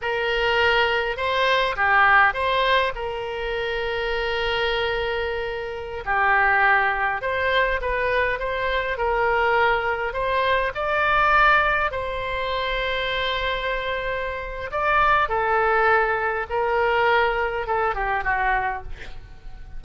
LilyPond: \new Staff \with { instrumentName = "oboe" } { \time 4/4 \tempo 4 = 102 ais'2 c''4 g'4 | c''4 ais'2.~ | ais'2~ ais'16 g'4.~ g'16~ | g'16 c''4 b'4 c''4 ais'8.~ |
ais'4~ ais'16 c''4 d''4.~ d''16~ | d''16 c''2.~ c''8.~ | c''4 d''4 a'2 | ais'2 a'8 g'8 fis'4 | }